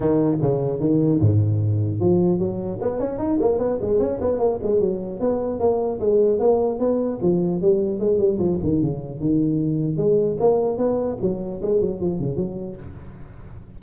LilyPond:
\new Staff \with { instrumentName = "tuba" } { \time 4/4 \tempo 4 = 150 dis4 cis4 dis4 gis,4~ | gis,4 f4 fis4 b8 cis'8 | dis'8 ais8 b8 gis8 cis'8 b8 ais8 gis8 | fis4 b4 ais4 gis4 |
ais4 b4 f4 g4 | gis8 g8 f8 dis8 cis4 dis4~ | dis4 gis4 ais4 b4 | fis4 gis8 fis8 f8 cis8 fis4 | }